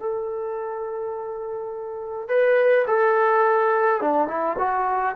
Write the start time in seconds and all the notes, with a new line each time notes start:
0.00 A4
2.29 B4
2.88 A4
4.02 D4
4.28 E4
4.59 F#4